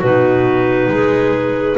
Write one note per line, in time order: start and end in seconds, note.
0.00 0.88 B2
0.00 1.78 D#4
0.00 0.88 F#4
0.00 1.78 B4
0.88 1.77 G#3
0.88 1.78 G#4